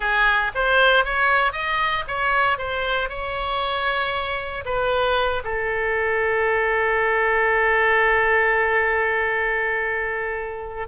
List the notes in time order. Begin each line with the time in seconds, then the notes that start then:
0.00 G#4
0.54 C5
1.05 C#5
1.52 D#5
2.07 C#5
2.57 C5
3.09 C#5
4.65 B4
5.44 A4